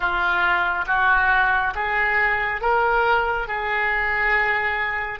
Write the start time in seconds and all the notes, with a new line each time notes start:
0.00 F4
0.87 F#4
1.74 G#4
2.61 A#4
3.47 G#4